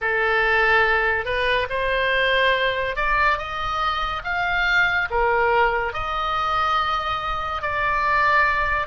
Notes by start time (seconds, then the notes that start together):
0.01 A4
1.24 B4
1.69 C5
2.96 D5
3.38 D#5
4.23 F5
5.10 A#4
5.93 D#5
7.62 D5